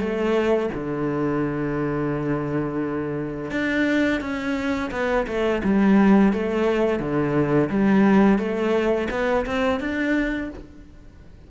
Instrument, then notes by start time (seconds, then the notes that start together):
cello
0.00 A3
0.75 D3
3.51 D4
4.21 C#4
4.92 B3
5.28 A3
5.64 G3
6.33 A3
7.00 D3
7.70 G3
8.38 A3
9.11 B3
9.47 C4
9.80 D4